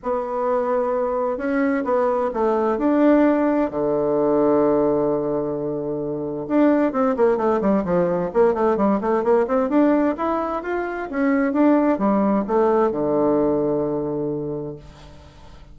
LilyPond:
\new Staff \with { instrumentName = "bassoon" } { \time 4/4 \tempo 4 = 130 b2. cis'4 | b4 a4 d'2 | d1~ | d2 d'4 c'8 ais8 |
a8 g8 f4 ais8 a8 g8 a8 | ais8 c'8 d'4 e'4 f'4 | cis'4 d'4 g4 a4 | d1 | }